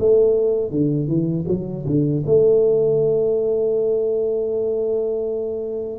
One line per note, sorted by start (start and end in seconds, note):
0.00 0.71 A3
0.71 1.08 D3
1.08 1.45 E3
1.48 1.85 F#3
1.86 2.24 D3
2.26 5.99 A3